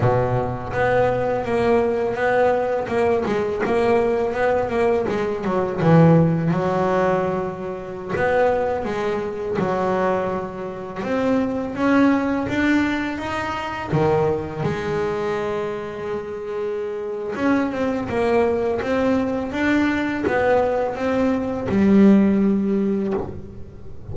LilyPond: \new Staff \with { instrumentName = "double bass" } { \time 4/4 \tempo 4 = 83 b,4 b4 ais4 b4 | ais8 gis8 ais4 b8 ais8 gis8 fis8 | e4 fis2~ fis16 b8.~ | b16 gis4 fis2 c'8.~ |
c'16 cis'4 d'4 dis'4 dis8.~ | dis16 gis2.~ gis8. | cis'8 c'8 ais4 c'4 d'4 | b4 c'4 g2 | }